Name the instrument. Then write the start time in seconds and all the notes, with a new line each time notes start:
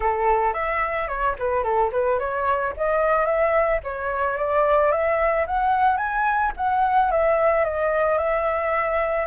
flute
0.00 A4
0.53 E5
1.08 C#5
1.38 B4
1.63 A4
1.92 B4
2.19 C#5
2.76 D#5
3.25 E5
3.83 C#5
4.37 D5
4.91 E5
5.46 F#5
5.97 G#5
6.57 F#5
7.11 E5
7.64 D#5
8.18 E5